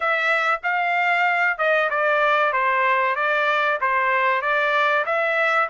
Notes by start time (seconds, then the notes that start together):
0.00 E5
0.63 F5
1.58 D#5
1.89 D5
2.52 C5
3.16 D5
3.81 C5
4.41 D5
5.05 E5